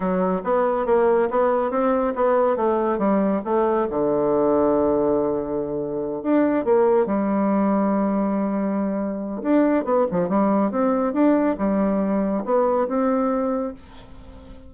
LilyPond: \new Staff \with { instrumentName = "bassoon" } { \time 4/4 \tempo 4 = 140 fis4 b4 ais4 b4 | c'4 b4 a4 g4 | a4 d2.~ | d2~ d8 d'4 ais8~ |
ais8 g2.~ g8~ | g2 d'4 b8 f8 | g4 c'4 d'4 g4~ | g4 b4 c'2 | }